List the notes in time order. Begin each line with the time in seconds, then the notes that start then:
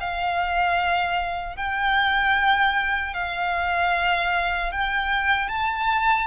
0.00 F5
1.56 G5
3.14 F5
4.72 G5
5.48 A5